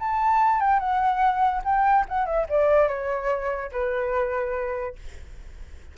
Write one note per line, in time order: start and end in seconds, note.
0.00 0.61 A5
0.61 0.80 G5
0.80 1.63 F#5
1.65 2.06 G5
2.09 2.26 F#5
2.26 2.47 E5
2.49 2.89 D5
2.89 3.71 C#5
3.72 4.96 B4